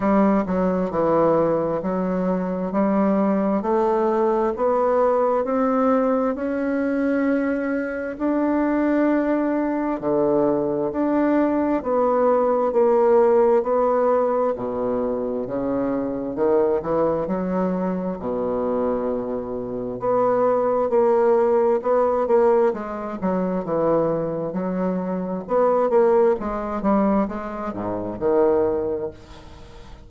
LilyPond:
\new Staff \with { instrumentName = "bassoon" } { \time 4/4 \tempo 4 = 66 g8 fis8 e4 fis4 g4 | a4 b4 c'4 cis'4~ | cis'4 d'2 d4 | d'4 b4 ais4 b4 |
b,4 cis4 dis8 e8 fis4 | b,2 b4 ais4 | b8 ais8 gis8 fis8 e4 fis4 | b8 ais8 gis8 g8 gis8 gis,8 dis4 | }